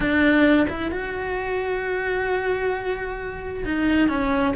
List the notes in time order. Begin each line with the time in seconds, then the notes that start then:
0.00 D4
0.69 E4
0.91 F#4
3.64 D#4
4.08 C#4